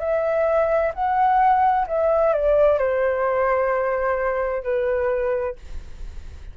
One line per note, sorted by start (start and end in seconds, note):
0.00 0.92 E5
0.95 1.87 F#5
1.88 2.34 E5
2.34 2.79 D5
2.79 4.64 C5
4.64 5.56 B4